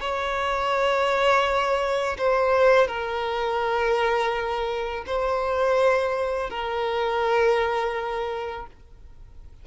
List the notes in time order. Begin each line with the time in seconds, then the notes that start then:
0.00 C#5
2.18 C5
2.87 A#4
5.06 C5
6.50 A#4